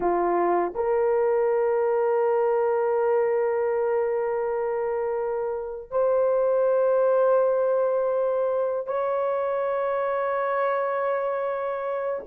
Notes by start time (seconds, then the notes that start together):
0.00 F4
0.74 A#4
5.91 C5
8.87 C#5